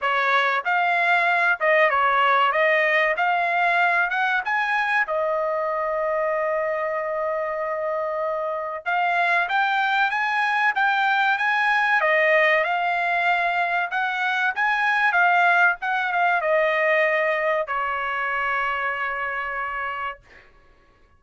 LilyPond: \new Staff \with { instrumentName = "trumpet" } { \time 4/4 \tempo 4 = 95 cis''4 f''4. dis''8 cis''4 | dis''4 f''4. fis''8 gis''4 | dis''1~ | dis''2 f''4 g''4 |
gis''4 g''4 gis''4 dis''4 | f''2 fis''4 gis''4 | f''4 fis''8 f''8 dis''2 | cis''1 | }